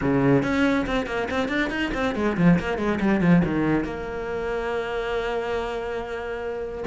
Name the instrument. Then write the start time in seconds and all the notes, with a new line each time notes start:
cello
0.01 C#3
0.42 C#4
0.86 C4
1.06 A#3
1.30 C4
1.48 D4
1.70 D#4
1.94 C4
2.15 G#3
2.37 F3
2.59 A#3
2.77 G#3
3.00 G3
3.20 F3
3.44 D#3
3.84 A#3